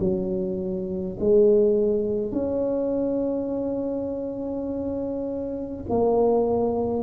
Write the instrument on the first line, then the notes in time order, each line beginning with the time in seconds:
tuba
0.00 F#3
1.20 G#3
2.32 C#4
5.89 A#3